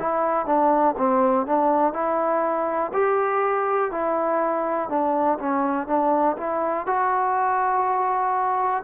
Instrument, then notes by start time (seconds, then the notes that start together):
trombone
0.00 E4
0.46 D4
0.98 C4
1.47 D4
1.94 E4
2.93 G4
3.91 E4
4.90 D4
5.40 C#4
5.87 D4
6.38 E4
6.87 F#4